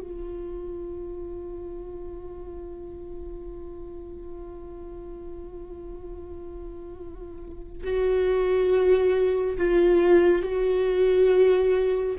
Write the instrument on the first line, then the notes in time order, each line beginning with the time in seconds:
viola
0.00 F4
7.83 F#4
9.57 F4
10.42 F#4